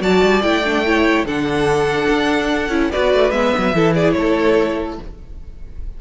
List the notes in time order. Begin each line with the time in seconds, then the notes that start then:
0.00 F#3 F#4 D5 A5
0.23 G3
0.41 A3 E4 G5
0.64 D4
0.85 E4 C#5
1.24 D3 D4 A4 F#5
2.08 D4
2.68 C#4 E4
2.91 B3 F#4 B4 D5
3.13 A3
3.30 G#3 B3 E5
3.57 F#3
3.73 E3 E4 A4
3.94 G#4 D5
4.12 A3 A4 C#5